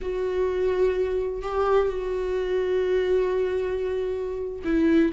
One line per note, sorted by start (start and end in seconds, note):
0.01 1.42 F#4
1.42 1.88 G4
1.88 4.62 F#4
4.64 5.12 E4